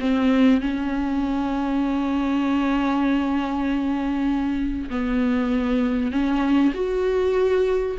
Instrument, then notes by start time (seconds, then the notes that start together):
viola
0.00 C4
0.61 C#4
4.90 B3
6.12 C#4
6.75 F#4